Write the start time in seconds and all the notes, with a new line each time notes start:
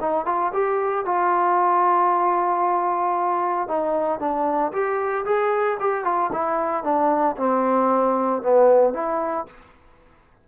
0.00 D#4
0.25 F4
0.53 G4
1.05 F4
3.67 D#4
4.19 D4
4.72 G4
5.25 G#4
5.79 G4
6.04 F4
6.32 E4
6.83 D4
7.37 C4
8.42 B3
8.93 E4